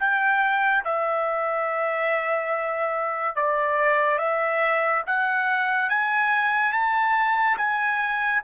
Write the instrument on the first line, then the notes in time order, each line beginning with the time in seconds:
trumpet
0.00 G5
0.85 E5
3.36 D5
4.19 E5
5.07 F#5
5.90 G#5
6.73 A5
7.58 G#5